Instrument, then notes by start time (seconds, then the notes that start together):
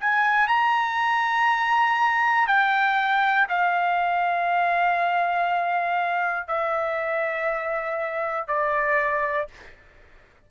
trumpet
0.00 G#5
0.48 A#5
2.47 G5
3.48 F5
6.48 E5
8.47 D5